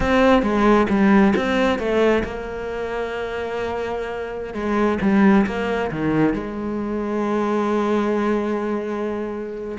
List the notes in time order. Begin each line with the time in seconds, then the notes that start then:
0.00 C4
0.42 G#3
0.89 G3
1.36 C4
1.79 A3
2.24 A#3
4.53 G#3
5.01 G3
5.46 A#3
5.91 D#3
6.33 G#3